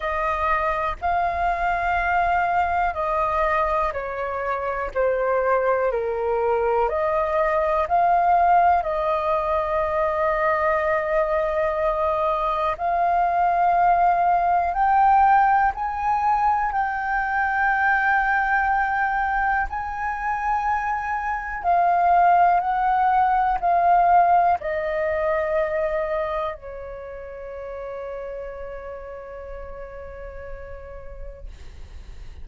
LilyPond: \new Staff \with { instrumentName = "flute" } { \time 4/4 \tempo 4 = 61 dis''4 f''2 dis''4 | cis''4 c''4 ais'4 dis''4 | f''4 dis''2.~ | dis''4 f''2 g''4 |
gis''4 g''2. | gis''2 f''4 fis''4 | f''4 dis''2 cis''4~ | cis''1 | }